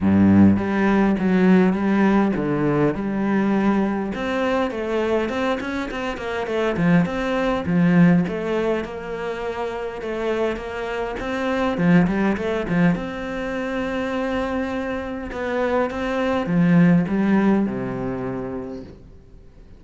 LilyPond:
\new Staff \with { instrumentName = "cello" } { \time 4/4 \tempo 4 = 102 g,4 g4 fis4 g4 | d4 g2 c'4 | a4 c'8 cis'8 c'8 ais8 a8 f8 | c'4 f4 a4 ais4~ |
ais4 a4 ais4 c'4 | f8 g8 a8 f8 c'2~ | c'2 b4 c'4 | f4 g4 c2 | }